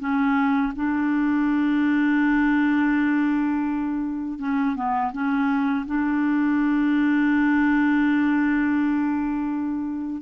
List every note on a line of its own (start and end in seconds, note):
0.00 0.73 C#4
0.76 4.39 D4
4.39 4.76 C#4
4.76 5.13 B3
5.13 5.86 C#4
5.87 10.22 D4